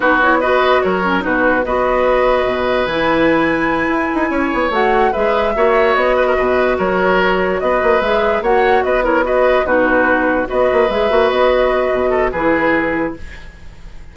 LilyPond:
<<
  \new Staff \with { instrumentName = "flute" } { \time 4/4 \tempo 4 = 146 b'8 cis''8 dis''4 cis''4 b'4 | dis''2. gis''4~ | gis''2.~ gis''8 fis''8~ | fis''8 e''2 dis''4.~ |
dis''8 cis''2 dis''4 e''8~ | e''8 fis''4 dis''8 cis''8 dis''4 b'8~ | b'4. dis''4 e''4 dis''8~ | dis''2 b'2 | }
  \new Staff \with { instrumentName = "oboe" } { \time 4/4 fis'4 b'4 ais'4 fis'4 | b'1~ | b'2~ b'8 cis''4.~ | cis''8 b'4 cis''4. b'16 ais'16 b'8~ |
b'8 ais'2 b'4.~ | b'8 cis''4 b'8 ais'8 b'4 fis'8~ | fis'4. b'2~ b'8~ | b'4. a'8 gis'2 | }
  \new Staff \with { instrumentName = "clarinet" } { \time 4/4 dis'8 e'8 fis'4. cis'8 dis'4 | fis'2. e'4~ | e'2.~ e'8 fis'8~ | fis'8 gis'4 fis'2~ fis'8~ |
fis'2.~ fis'8 gis'8~ | gis'8 fis'4. e'8 fis'4 dis'8~ | dis'4. fis'4 gis'8 fis'4~ | fis'2 e'2 | }
  \new Staff \with { instrumentName = "bassoon" } { \time 4/4 b2 fis4 b,4 | b2 b,4 e4~ | e4. e'8 dis'8 cis'8 b8 a8~ | a8 gis4 ais4 b4 b,8~ |
b,8 fis2 b8 ais8 gis8~ | gis8 ais4 b2 b,8~ | b,4. b8 ais8 gis8 ais8 b8~ | b4 b,4 e2 | }
>>